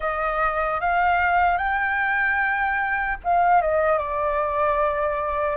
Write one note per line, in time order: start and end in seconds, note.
0.00 0.80 D#5
0.80 1.57 F5
1.57 3.17 G5
3.24 3.61 F5
3.61 3.98 D#5
3.98 5.56 D5